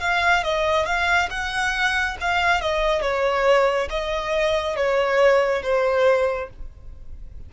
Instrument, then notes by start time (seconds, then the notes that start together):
violin
0.00 F5
0.43 D#5
0.85 F5
1.30 F#5
2.20 F5
2.60 D#5
3.01 C#5
3.90 D#5
4.76 C#5
5.62 C5